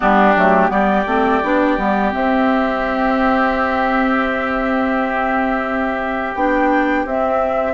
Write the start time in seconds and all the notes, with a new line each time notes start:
0.00 G3 B3 D4 G4
0.36 F#3 A3
0.68 G3 B3 G4 D5
1.06 A3 C4
1.43 B3 D4
1.77 G3 B3
2.11 C4 E5
6.35 B3 D4 G5
7.05 C4 E5